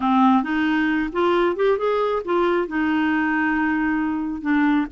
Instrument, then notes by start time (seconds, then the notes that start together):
clarinet
0.00 C4
0.43 D#4
1.12 F4
1.56 G4
1.77 G#4
2.24 F4
2.67 D#4
4.41 D4